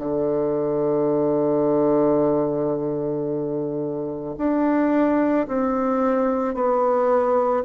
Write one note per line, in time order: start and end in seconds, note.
0.00 4.36 D3
4.38 5.47 D4
5.48 6.55 C4
6.55 7.64 B3